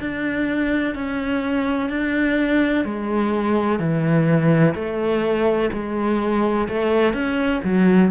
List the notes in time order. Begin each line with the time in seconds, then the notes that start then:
0.00 D4
0.95 C#4
1.90 D4
2.85 G#3
3.79 E3
4.75 A3
5.73 G#3
6.68 A3
7.13 C#4
7.64 F#3